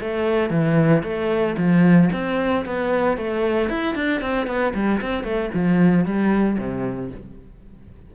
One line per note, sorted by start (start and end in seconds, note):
0.00 0.50 A3
0.50 1.02 E3
1.03 1.56 A3
1.57 2.10 F3
2.12 2.65 C4
2.65 3.17 B3
3.17 3.69 A3
3.69 3.94 E4
3.94 4.21 D4
4.21 4.46 C4
4.46 4.73 B3
4.74 5.00 G3
5.01 5.23 C4
5.23 5.50 A3
5.54 6.05 F3
6.05 6.57 G3
6.58 7.11 C3